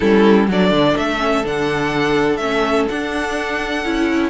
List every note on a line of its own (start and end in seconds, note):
0.00 0.48 G3
0.00 0.48 C#4
0.00 0.48 E4
0.00 0.47 A4
0.48 0.70 F#3
0.48 1.17 D4
0.48 4.30 A4
0.48 0.97 D5
0.70 0.94 D3
0.96 1.44 A3
0.96 1.45 E5
1.17 1.41 C#4
1.44 2.38 D3
1.44 2.40 D4
1.44 2.36 F#5
2.36 2.86 A3
2.36 2.88 C#4
2.36 2.84 E5
2.88 3.84 D4
2.88 3.85 D4
2.88 4.30 F#5
3.84 4.30 C#4
3.84 4.30 E4